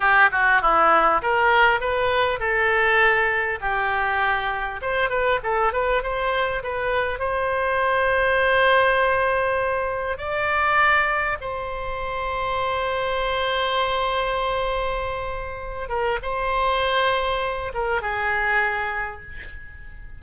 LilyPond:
\new Staff \with { instrumentName = "oboe" } { \time 4/4 \tempo 4 = 100 g'8 fis'8 e'4 ais'4 b'4 | a'2 g'2 | c''8 b'8 a'8 b'8 c''4 b'4 | c''1~ |
c''4 d''2 c''4~ | c''1~ | c''2~ c''8 ais'8 c''4~ | c''4. ais'8 gis'2 | }